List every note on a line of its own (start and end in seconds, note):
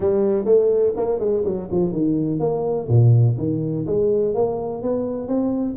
0.00 0.45 G3
0.45 0.93 A3
0.96 1.19 A#3
1.19 1.43 G#3
1.44 1.68 F#3
1.71 1.92 F3
1.92 2.39 D#3
2.39 2.87 A#3
2.88 3.36 A#2
3.38 3.86 D#3
3.86 4.34 G#3
4.34 4.82 A#3
4.82 5.27 B3
5.27 5.75 C4